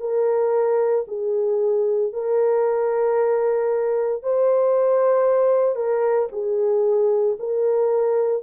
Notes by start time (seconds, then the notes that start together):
0.00 A#4
1.08 G#4
2.13 A#4
4.22 C5
5.76 A#4
6.32 G#4
7.39 A#4